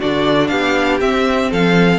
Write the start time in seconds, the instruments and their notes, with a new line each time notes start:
0.00 cello D3, viola D4, violin F#4 D5
0.47 cello B3, violin G4 F5
1.00 viola C4, cello C4, violin E5
1.51 cello F3, violin A4 F5